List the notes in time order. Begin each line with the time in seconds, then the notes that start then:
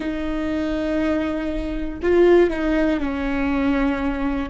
0.00 D#4
2.02 F4
2.50 D#4
3.00 C#4